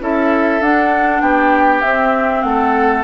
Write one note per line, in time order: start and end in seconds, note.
0.00 0.61 C#4
0.00 0.61 E4
0.00 1.22 A4
0.00 0.62 E5
0.61 1.21 D4
0.61 1.83 D4
0.61 1.21 F#5
1.21 1.82 B3
1.21 2.45 G4
1.21 1.82 G5
1.82 3.04 C4
1.82 2.44 C4
1.82 2.42 E5
2.42 3.04 A3
2.42 3.03 F#5
2.48 3.04 A4